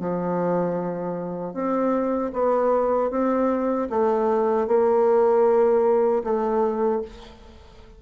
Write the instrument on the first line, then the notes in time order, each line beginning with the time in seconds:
bassoon
0.00 F3
1.54 C4
2.33 B3
3.11 C4
3.90 A3
4.67 A#3
6.24 A3